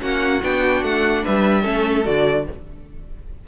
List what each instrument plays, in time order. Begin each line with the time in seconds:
0.00 cello A#3, viola C#4, violin F#4 F#5
0.43 cello B3, viola D4, violin G5
0.83 cello A3, violin F#5
1.23 cello G3, violin B4 E5
1.62 cello A3, viola C#4, violin A4
2.04 cello D3, viola F#4, violin D5